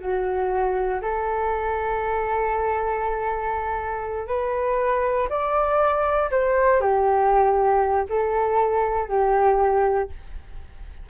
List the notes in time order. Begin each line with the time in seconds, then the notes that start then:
0.00 F#4
1.02 A4
4.27 B4
5.29 D5
6.31 C5
6.81 G4
8.10 A4
9.09 G4